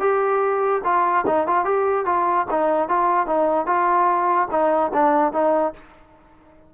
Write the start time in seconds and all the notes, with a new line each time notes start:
0.00 G4
0.84 F4
1.27 D#4
1.47 F4
1.65 G4
2.06 F4
2.51 D#4
2.89 F4
3.27 D#4
3.67 F4
4.51 D#4
4.94 D4
5.33 D#4